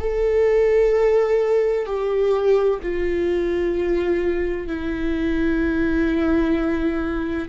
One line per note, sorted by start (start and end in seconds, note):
0.00 1.86 A4
1.86 2.80 G4
2.83 4.68 F4
4.68 7.49 E4